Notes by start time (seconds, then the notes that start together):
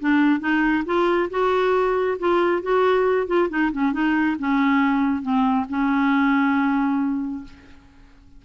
0.00 D4
0.40 D#4
0.86 F4
1.30 F#4
2.19 F4
2.62 F#4
3.27 F4
3.50 D#4
3.72 C#4
3.93 D#4
4.39 C#4
5.22 C4
5.69 C#4